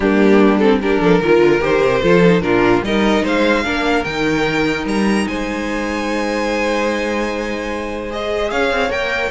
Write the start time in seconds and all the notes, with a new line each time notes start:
0.00 G3 A#3 D4 G4
0.58 C4 A4
0.81 D4 G4 A#4
1.00 F3 A4
1.21 D#3 F4 A#4
1.40 D3
1.61 D#3 G4 C5
1.81 C3
2.02 F3 F4 A4
2.24 D#4
2.40 A#2 D4 F4 A#4
2.81 G3 D#4 A#4 D#5
3.23 G#3 C5 F5
3.64 A#3 D4 A#4
4.03 D#3 D#4 G5
4.85 G3 A#5
5.27 G#3 C5 G#5
8.10 G#4 D#5
8.50 C#4 C#5 F5
8.70 C4
8.89 A#3 A#4 G5